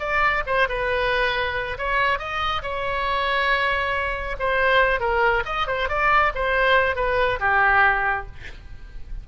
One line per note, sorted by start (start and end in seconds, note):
0.00 0.43 D5
0.47 0.69 C5
0.69 1.78 B4
1.78 2.19 C#5
2.19 2.62 D#5
2.63 4.37 C#5
4.40 5.00 C5
5.00 5.44 A#4
5.46 5.67 D#5
5.68 5.89 C5
5.89 6.33 D5
6.35 6.96 C5
6.96 7.40 B4
7.40 8.27 G4